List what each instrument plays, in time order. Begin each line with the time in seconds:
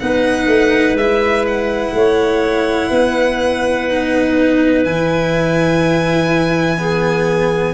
0.00 tuba B3, cello D#4, clarinet B4, violin F#5
0.47 tuba A3
0.94 tuba G#3, cello E4, violin E5
1.47 violin F#5
1.94 tuba A3, clarinet C#5
2.90 tuba B3, clarinet B4
3.90 cello D#4
4.84 tuba E3, cello E4, violin G#5
6.78 cello B3, clarinet G#4